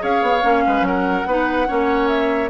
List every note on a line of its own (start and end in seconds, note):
0.00 0.23 C#4
0.00 0.41 G#4
0.00 0.64 C#5
0.00 0.86 F5
0.23 0.43 B3
0.43 0.65 A#3
0.43 1.26 C#4
0.67 0.82 G#3
0.67 0.87 B4
0.82 1.23 F#3
0.82 1.28 A#4
0.82 2.09 F#5
1.26 1.68 B3
1.26 1.68 D#4
1.26 1.68 B4
1.68 2.51 A#3
1.68 2.51 C#4
1.68 2.51 C#5
2.09 2.50 E5